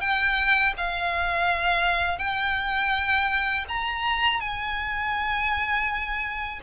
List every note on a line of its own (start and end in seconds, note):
0.00 0.73 G5
0.77 2.18 F5
2.18 3.64 G5
3.68 4.40 A#5
4.40 6.60 G#5